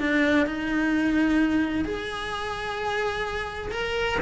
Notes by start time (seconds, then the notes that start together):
0.00 D4
0.47 D#4
1.85 G#4
3.72 A#4